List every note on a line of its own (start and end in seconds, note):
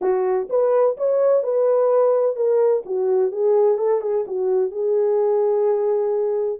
0.01 0.48 F#4
0.49 0.96 B4
0.97 1.43 C#5
1.43 2.36 B4
2.36 2.83 A#4
2.85 3.31 F#4
3.31 3.78 G#4
3.78 4.01 A4
4.01 4.25 G#4
4.27 4.71 F#4
4.71 6.59 G#4